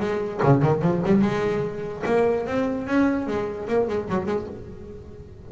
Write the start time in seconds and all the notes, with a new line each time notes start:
0.00 G#3
0.43 C#3
0.62 D#3
0.82 F3
1.05 G3
1.22 G#3
2.06 A#3
2.47 C4
2.87 C#4
3.27 G#3
3.68 A#3
3.88 G#3
4.09 F#3
4.26 G#3